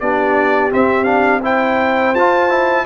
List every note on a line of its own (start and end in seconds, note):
0.00 0.72 B3
0.00 0.71 D4
0.00 1.42 G4
0.00 0.71 D5
0.71 1.05 C4
0.71 2.14 C4
0.71 1.04 E5
1.04 1.40 D4
1.04 1.40 F5
1.42 2.14 E4
1.42 2.85 C5
1.42 2.15 G5
2.14 2.86 F4
2.14 2.50 F4
2.14 2.86 A5
2.50 2.85 E4